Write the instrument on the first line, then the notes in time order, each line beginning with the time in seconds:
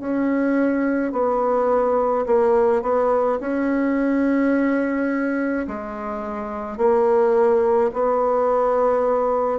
bassoon
0.00 C#4
1.13 B3
2.26 A#3
2.83 B3
3.40 C#4
5.68 G#3
6.78 A#3
7.93 B3